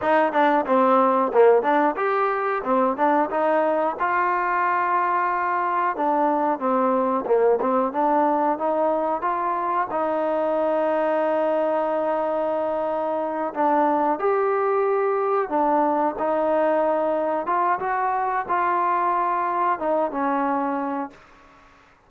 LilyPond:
\new Staff \with { instrumentName = "trombone" } { \time 4/4 \tempo 4 = 91 dis'8 d'8 c'4 ais8 d'8 g'4 | c'8 d'8 dis'4 f'2~ | f'4 d'4 c'4 ais8 c'8 | d'4 dis'4 f'4 dis'4~ |
dis'1~ | dis'8 d'4 g'2 d'8~ | d'8 dis'2 f'8 fis'4 | f'2 dis'8 cis'4. | }